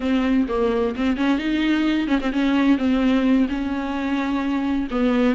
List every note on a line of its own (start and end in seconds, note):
0.00 0.47 C4
0.48 0.95 A#3
0.96 1.16 C4
1.16 1.38 C#4
1.38 2.07 D#4
2.07 2.19 C#4
2.21 2.32 C4
2.32 2.78 C#4
2.78 3.47 C4
3.48 4.88 C#4
4.90 5.35 B3